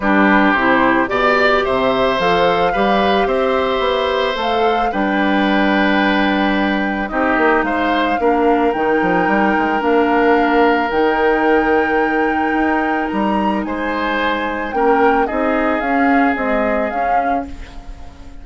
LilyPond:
<<
  \new Staff \with { instrumentName = "flute" } { \time 4/4 \tempo 4 = 110 b'4 c''4 d''4 e''4 | f''2 e''2 | f''4 g''2.~ | g''4 dis''4 f''2 |
g''2 f''2 | g''1 | ais''4 gis''2 g''4 | dis''4 f''4 dis''4 f''4 | }
  \new Staff \with { instrumentName = "oboe" } { \time 4/4 g'2 d''4 c''4~ | c''4 b'4 c''2~ | c''4 b'2.~ | b'4 g'4 c''4 ais'4~ |
ais'1~ | ais'1~ | ais'4 c''2 ais'4 | gis'1 | }
  \new Staff \with { instrumentName = "clarinet" } { \time 4/4 d'4 e'4 g'2 | a'4 g'2. | a'4 d'2.~ | d'4 dis'2 d'4 |
dis'2 d'2 | dis'1~ | dis'2. cis'4 | dis'4 cis'4 gis4 cis'4 | }
  \new Staff \with { instrumentName = "bassoon" } { \time 4/4 g4 c4 b,4 c4 | f4 g4 c'4 b4 | a4 g2.~ | g4 c'8 ais8 gis4 ais4 |
dis8 f8 g8 gis8 ais2 | dis2. dis'4 | g4 gis2 ais4 | c'4 cis'4 c'4 cis'4 | }
>>